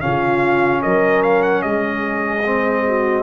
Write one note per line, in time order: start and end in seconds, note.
0.00 0.85 C#3
0.00 2.43 C#4
0.00 0.83 F4
0.00 0.82 F5
0.82 1.65 F#3
0.82 1.64 A#4
0.82 1.23 D#5
1.23 1.43 F5
1.43 1.62 F#5
1.62 3.24 G#3
1.62 2.86 G#4
1.62 3.24 D#5
2.44 3.24 C4
2.87 3.24 F#4